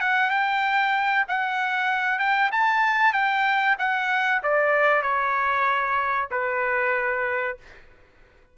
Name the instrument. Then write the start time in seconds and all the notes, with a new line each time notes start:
trumpet
0.00 F#5
0.30 G5
1.28 F#5
2.19 G5
2.52 A5
3.13 G5
3.79 F#5
4.43 D5
5.02 C#5
6.31 B4